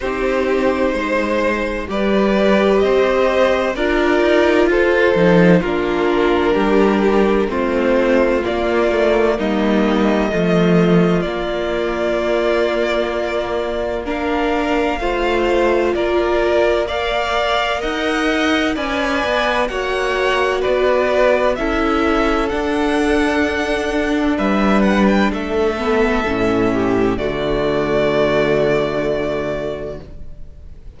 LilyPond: <<
  \new Staff \with { instrumentName = "violin" } { \time 4/4 \tempo 4 = 64 c''2 d''4 dis''4 | d''4 c''4 ais'2 | c''4 d''4 dis''2 | d''2. f''4~ |
f''4 d''4 f''4 fis''4 | gis''4 fis''4 d''4 e''4 | fis''2 e''8 fis''16 g''16 e''4~ | e''4 d''2. | }
  \new Staff \with { instrumentName = "violin" } { \time 4/4 g'4 c''4 b'4 c''4 | ais'4 a'4 f'4 g'4 | f'2 dis'4 f'4~ | f'2. ais'4 |
c''4 ais'4 d''4 dis''4 | d''4 cis''4 b'4 a'4~ | a'2 b'4 a'4~ | a'8 g'8 fis'2. | }
  \new Staff \with { instrumentName = "viola" } { \time 4/4 dis'2 g'2 | f'4. dis'8 d'2 | c'4 ais8 a8 ais4 a4 | ais2. d'4 |
f'2 ais'2 | b'4 fis'2 e'4 | d'2.~ d'8 b8 | cis'4 a2. | }
  \new Staff \with { instrumentName = "cello" } { \time 4/4 c'4 gis4 g4 c'4 | d'8 dis'8 f'8 f8 ais4 g4 | a4 ais4 g4 f4 | ais1 |
a4 ais2 dis'4 | cis'8 b8 ais4 b4 cis'4 | d'2 g4 a4 | a,4 d2. | }
>>